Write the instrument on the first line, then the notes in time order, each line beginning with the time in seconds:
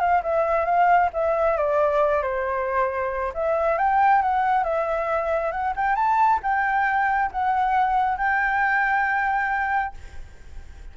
flute
0.00 F5
0.23 E5
0.65 F5
1.13 E5
1.57 D5
2.22 C5
3.34 E5
3.78 G5
4.22 F#5
4.63 E5
5.51 F#5
5.76 G5
5.95 A5
6.43 G5
7.32 F#5
8.18 G5